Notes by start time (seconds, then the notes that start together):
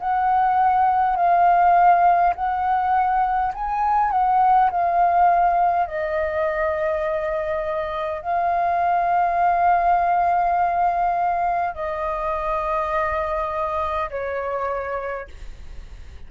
0.00 F#5
1.17 F5
2.36 F#5
3.55 G#5
4.11 F#5
4.71 F5
5.87 D#5
8.22 F5
11.75 D#5
14.11 C#5